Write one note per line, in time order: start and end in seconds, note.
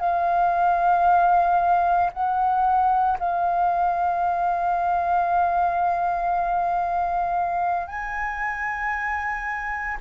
0.00 2.11 F5
2.13 3.18 F#5
3.19 7.87 F5
7.87 9.98 G#5